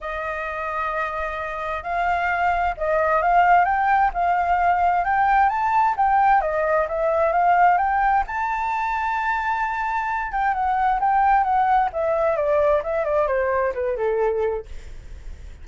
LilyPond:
\new Staff \with { instrumentName = "flute" } { \time 4/4 \tempo 4 = 131 dis''1 | f''2 dis''4 f''4 | g''4 f''2 g''4 | a''4 g''4 dis''4 e''4 |
f''4 g''4 a''2~ | a''2~ a''8 g''8 fis''4 | g''4 fis''4 e''4 d''4 | e''8 d''8 c''4 b'8 a'4. | }